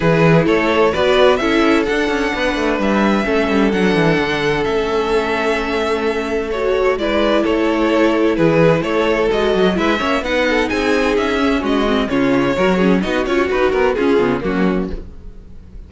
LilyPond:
<<
  \new Staff \with { instrumentName = "violin" } { \time 4/4 \tempo 4 = 129 b'4 cis''4 d''4 e''4 | fis''2 e''2 | fis''2 e''2~ | e''2 cis''4 d''4 |
cis''2 b'4 cis''4 | dis''4 e''4 fis''4 gis''4 | e''4 dis''4 cis''2 | dis''8 cis''8 b'8 ais'8 gis'4 fis'4 | }
  \new Staff \with { instrumentName = "violin" } { \time 4/4 gis'4 a'4 b'4 a'4~ | a'4 b'2 a'4~ | a'1~ | a'2. b'4 |
a'2 gis'4 a'4~ | a'4 b'8 cis''8 b'8 a'8 gis'4~ | gis'4 fis'4 f'4 ais'8 gis'8 | fis'2 f'4 cis'4 | }
  \new Staff \with { instrumentName = "viola" } { \time 4/4 e'2 fis'4 e'4 | d'2. cis'4 | d'2 cis'2~ | cis'2 fis'4 e'4~ |
e'1 | fis'4 e'8 cis'8 dis'2~ | dis'8 cis'4 c'8 cis'4 fis'8 cis'8 | dis'8 f'8 fis'4 cis'8 b8 ais4 | }
  \new Staff \with { instrumentName = "cello" } { \time 4/4 e4 a4 b4 cis'4 | d'8 cis'8 b8 a8 g4 a8 g8 | fis8 e8 d4 a2~ | a2. gis4 |
a2 e4 a4 | gis8 fis8 gis8 ais8 b4 c'4 | cis'4 gis4 cis4 fis4 | b8 cis'8 dis'8 b8 cis'8 cis8 fis4 | }
>>